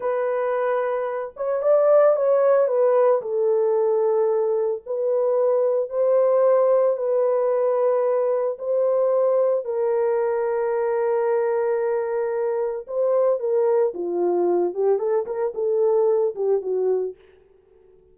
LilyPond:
\new Staff \with { instrumentName = "horn" } { \time 4/4 \tempo 4 = 112 b'2~ b'8 cis''8 d''4 | cis''4 b'4 a'2~ | a'4 b'2 c''4~ | c''4 b'2. |
c''2 ais'2~ | ais'1 | c''4 ais'4 f'4. g'8 | a'8 ais'8 a'4. g'8 fis'4 | }